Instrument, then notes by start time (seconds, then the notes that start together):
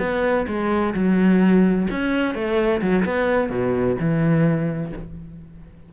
cello
0.00 B3
0.48 G#3
0.95 F#3
1.91 C#4
2.35 A3
2.82 F#3
3.05 B3
3.50 B2
4.00 E3